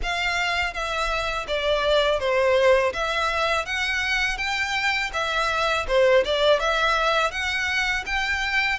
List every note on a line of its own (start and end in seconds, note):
0.02 0.73 F5
0.73 1.46 E5
1.47 2.20 D5
2.20 2.93 C5
2.93 3.66 E5
3.66 4.37 F#5
4.37 5.11 G5
5.13 5.86 E5
5.87 6.24 C5
6.24 6.59 D5
6.59 7.31 E5
7.31 8.04 F#5
8.06 8.79 G5